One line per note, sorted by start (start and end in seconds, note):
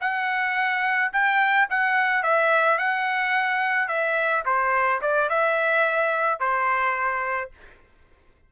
0.00 1.11 F#5
1.12 1.67 G5
1.69 2.22 F#5
2.22 2.78 E5
2.78 3.88 F#5
3.88 4.43 E5
4.45 5.01 C5
5.01 5.29 D5
5.29 6.39 E5
6.39 7.50 C5